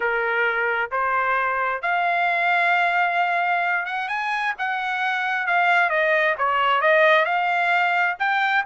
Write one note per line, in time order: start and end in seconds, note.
0.00 0.90 A#4
0.91 1.82 C5
1.82 3.85 F5
3.85 4.08 F#5
4.08 4.53 G#5
4.58 5.47 F#5
5.47 5.89 F5
5.89 6.35 D#5
6.38 6.81 C#5
6.81 7.25 D#5
7.25 8.16 F5
8.19 8.64 G5